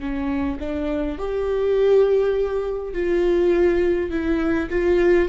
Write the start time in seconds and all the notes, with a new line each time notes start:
0.00 C#4
0.60 D4
1.19 G4
2.94 F4
4.11 E4
4.70 F4